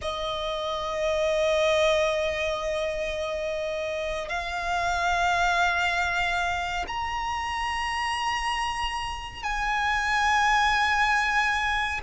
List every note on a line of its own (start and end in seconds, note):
0.01 4.28 D#5
4.28 6.85 F5
6.87 9.43 A#5
9.43 12.00 G#5